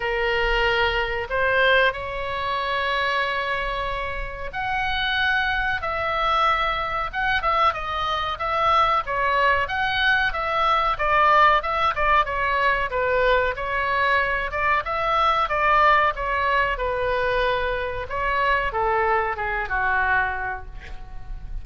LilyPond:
\new Staff \with { instrumentName = "oboe" } { \time 4/4 \tempo 4 = 93 ais'2 c''4 cis''4~ | cis''2. fis''4~ | fis''4 e''2 fis''8 e''8 | dis''4 e''4 cis''4 fis''4 |
e''4 d''4 e''8 d''8 cis''4 | b'4 cis''4. d''8 e''4 | d''4 cis''4 b'2 | cis''4 a'4 gis'8 fis'4. | }